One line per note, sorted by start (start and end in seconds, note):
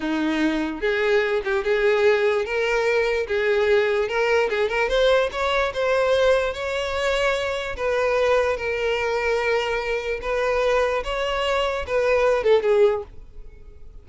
0.00 0.81 D#4
0.81 1.42 G#4
1.44 1.64 G4
1.64 2.45 G#4
2.45 3.27 A#4
3.27 4.08 G#4
4.08 4.49 A#4
4.49 4.68 G#4
4.68 4.88 A#4
4.88 5.29 C5
5.32 5.72 C#5
5.73 6.53 C5
6.53 7.76 C#5
7.76 8.56 B4
8.56 10.20 A#4
10.21 11.03 B4
11.04 11.85 C#5
11.86 12.43 B4
12.43 12.62 A4
12.62 13.03 G#4